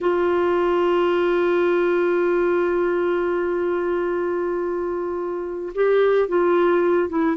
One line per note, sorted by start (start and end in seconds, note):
0.00 5.73 F4
5.74 6.28 G4
6.28 7.09 F4
7.09 7.36 E4